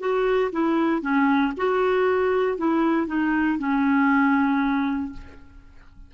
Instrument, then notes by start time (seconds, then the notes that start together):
clarinet
0.00 F#4
0.53 E4
1.02 C#4
1.57 F#4
2.58 E4
3.08 D#4
3.59 C#4